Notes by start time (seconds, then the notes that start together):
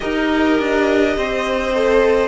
0.00 D#4 G4 A#4 D#5
0.59 D4
1.16 C4 C5
1.74 A4